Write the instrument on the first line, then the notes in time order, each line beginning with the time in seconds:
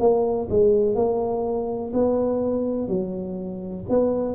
tuba
0.00 A#3
0.50 G#3
0.96 A#3
1.94 B3
2.89 F#3
3.90 B3